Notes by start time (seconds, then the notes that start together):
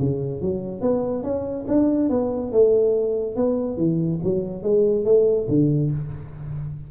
0.00 C#3
0.41 F#3
0.81 B3
1.23 C#4
1.68 D4
2.10 B3
2.52 A3
3.36 B3
3.78 E3
4.24 F#3
4.63 G#3
5.05 A3
5.49 D3